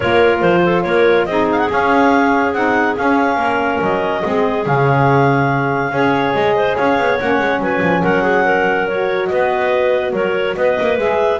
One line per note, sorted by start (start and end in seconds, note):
0.00 0.42 A#3
0.00 1.27 F4
0.00 0.61 A#4
0.00 0.40 C#5
0.40 0.84 F3
0.40 0.82 C5
0.64 0.85 A4
0.82 1.26 A#3
0.82 1.28 A#4
0.82 1.25 C#5
1.25 1.68 C4
1.25 1.68 D#4
1.25 3.37 G#4
1.25 1.46 D#5
1.51 1.58 F5
1.58 1.69 F#5
1.68 2.52 C#4
1.68 2.54 C#4
1.68 2.53 F5
2.53 2.96 C4
2.53 2.95 D#4
2.53 2.95 F#5
2.95 4.22 C#4
2.95 3.36 C#4
2.95 3.80 F5
3.36 3.78 A#3
3.36 4.21 A#4
3.80 4.23 F#3
3.80 4.66 D#5
4.22 4.65 G#3
4.22 4.64 C4
4.22 5.92 G#4
4.64 5.91 C#3
4.64 5.91 C#4
4.64 6.33 F5
5.91 6.33 C#4
5.91 7.19 G#4
5.91 6.56 C#5
6.33 6.77 G#3
6.33 6.75 D#5
6.56 6.76 C5
6.76 6.98 C#4
6.76 7.60 C#5
6.76 7.18 F5
6.98 7.19 B3
7.18 7.39 A#3
7.18 8.87 C#4
7.18 7.61 F#5
7.39 7.59 G#3
7.59 7.80 F#3
7.59 8.02 B4
7.59 8.03 G#5
7.81 8.02 F3
8.02 9.30 F#3
8.02 8.22 A#4
8.02 8.87 F#5
8.22 8.43 G#4
8.44 9.29 A#4
8.87 10.98 F#4
8.87 9.26 C#5
9.26 10.12 B3
9.26 10.13 B4
9.26 10.11 D#5
10.12 10.55 F#3
10.12 10.55 A#4
10.12 10.56 C#5
10.56 10.78 B3
10.56 11.40 B4
10.56 10.98 D#5
10.80 10.98 A#3
10.98 11.40 G#3
10.98 11.40 G#4
10.98 11.40 E5